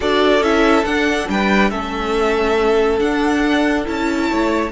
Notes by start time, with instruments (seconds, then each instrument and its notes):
0.00 cello D4, viola F#4, violin A4 D5
0.40 cello C#4, viola E4, violin E5
0.85 cello D4, viola D4, violin F#5
1.28 cello G3, violin B4 G5
1.70 cello A3, viola C#4, violin A4 E5
2.99 viola D4, cello D4, violin F#5
3.84 cello C#4, viola E4, violin A5
4.29 cello A3, violin C#5